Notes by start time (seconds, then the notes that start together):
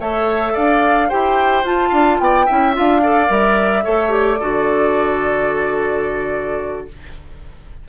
0.00 A3 A4 C#5 E5
0.53 D4 D5 F5
1.09 E4 G4 C5 G5
1.64 F4 A5
1.90 D4 F5
2.20 B3 D5 G5
2.46 C#4 E4 E5
2.74 D4 F4 F5
3.03 A4 D5
3.28 G3 A#4 E5
3.84 A3 A4 C#5
4.09 G4 D5
4.39 D3 F#4 A4